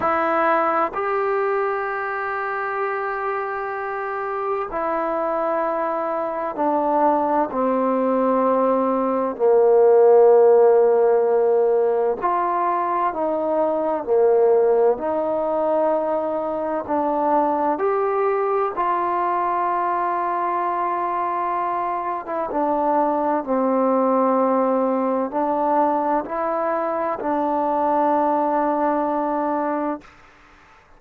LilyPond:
\new Staff \with { instrumentName = "trombone" } { \time 4/4 \tempo 4 = 64 e'4 g'2.~ | g'4 e'2 d'4 | c'2 ais2~ | ais4 f'4 dis'4 ais4 |
dis'2 d'4 g'4 | f'2.~ f'8. e'16 | d'4 c'2 d'4 | e'4 d'2. | }